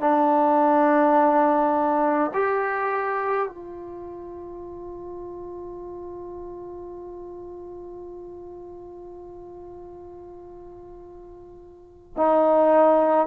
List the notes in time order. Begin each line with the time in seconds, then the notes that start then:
0.00 D4
2.34 G4
3.48 F4
12.16 D#4